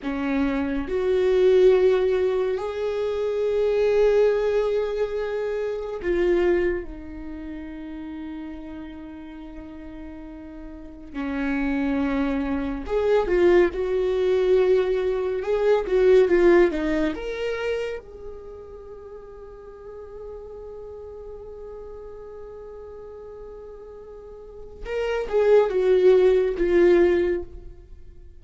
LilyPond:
\new Staff \with { instrumentName = "viola" } { \time 4/4 \tempo 4 = 70 cis'4 fis'2 gis'4~ | gis'2. f'4 | dis'1~ | dis'4 cis'2 gis'8 f'8 |
fis'2 gis'8 fis'8 f'8 dis'8 | ais'4 gis'2.~ | gis'1~ | gis'4 ais'8 gis'8 fis'4 f'4 | }